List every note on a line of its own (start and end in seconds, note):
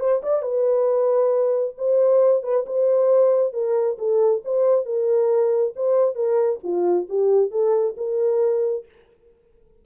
0.00 0.22 C5
0.23 0.42 D5
0.42 1.75 B4
1.78 2.43 C5
2.43 2.65 B4
2.66 3.53 C5
3.53 3.97 A#4
3.98 4.43 A4
4.45 4.86 C5
4.86 5.74 A#4
5.76 6.15 C5
6.15 6.60 A#4
6.63 7.07 F4
7.09 7.51 G4
7.51 7.95 A4
7.97 8.86 A#4